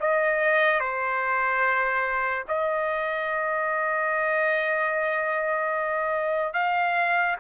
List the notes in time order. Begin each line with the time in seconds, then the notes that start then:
0.00 D#5
0.80 C5
2.48 D#5
6.53 F5